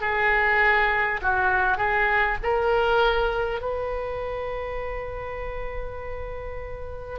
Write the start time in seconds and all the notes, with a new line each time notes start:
0.00 G#4
1.21 F#4
1.77 G#4
2.43 A#4
3.61 B4